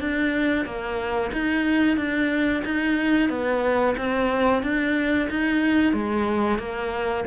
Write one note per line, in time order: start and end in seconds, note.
0.00 0.65 D4
0.65 1.31 A#3
1.32 1.97 D#4
1.97 2.63 D4
2.64 3.29 D#4
3.29 3.95 B3
3.97 4.62 C4
4.62 5.28 D4
5.29 5.93 D#4
5.93 6.58 G#3
6.58 7.24 A#3